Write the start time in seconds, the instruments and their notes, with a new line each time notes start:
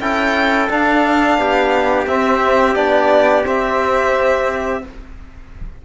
0.00 cello C#4, trombone E4, trumpet A4, violin G5
0.69 trombone D4, cello D4, violin F5
1.38 cello B3, trumpet G4
2.07 cello C4, trombone C4, violin E5
2.75 cello B3, trombone D4, violin D5
3.44 trombone C4, cello C4, violin E5